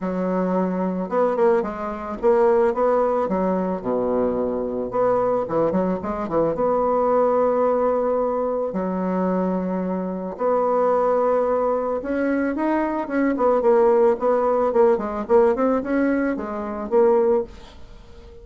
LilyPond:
\new Staff \with { instrumentName = "bassoon" } { \time 4/4 \tempo 4 = 110 fis2 b8 ais8 gis4 | ais4 b4 fis4 b,4~ | b,4 b4 e8 fis8 gis8 e8 | b1 |
fis2. b4~ | b2 cis'4 dis'4 | cis'8 b8 ais4 b4 ais8 gis8 | ais8 c'8 cis'4 gis4 ais4 | }